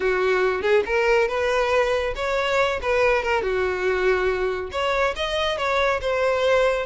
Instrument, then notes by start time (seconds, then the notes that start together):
violin
0.00 F#4
0.62 G#4
0.85 A#4
1.28 B4
2.15 C#5
2.82 B4
3.23 A#4
3.42 F#4
4.71 C#5
5.16 D#5
5.57 C#5
6.01 C5